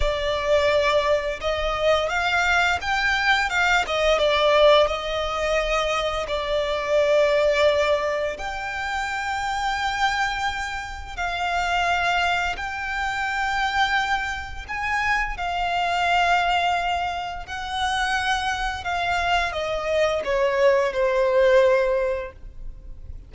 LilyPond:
\new Staff \with { instrumentName = "violin" } { \time 4/4 \tempo 4 = 86 d''2 dis''4 f''4 | g''4 f''8 dis''8 d''4 dis''4~ | dis''4 d''2. | g''1 |
f''2 g''2~ | g''4 gis''4 f''2~ | f''4 fis''2 f''4 | dis''4 cis''4 c''2 | }